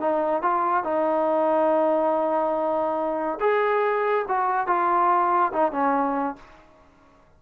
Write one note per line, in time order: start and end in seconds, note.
0.00 0.42 D#4
0.42 0.84 F4
0.84 3.39 D#4
3.40 4.25 G#4
4.28 4.67 F#4
4.67 5.52 F4
5.53 5.72 D#4
5.72 6.36 C#4